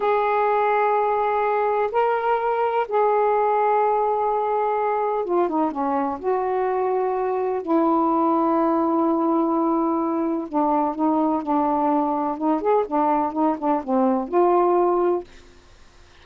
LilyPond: \new Staff \with { instrumentName = "saxophone" } { \time 4/4 \tempo 4 = 126 gis'1 | ais'2 gis'2~ | gis'2. f'8 dis'8 | cis'4 fis'2. |
e'1~ | e'2 d'4 dis'4 | d'2 dis'8 gis'8 d'4 | dis'8 d'8 c'4 f'2 | }